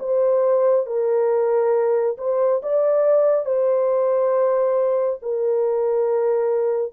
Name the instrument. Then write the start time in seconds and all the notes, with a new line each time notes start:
horn
0.00 C5
0.87 A#4
2.18 C5
2.63 D5
3.46 C5
5.23 A#4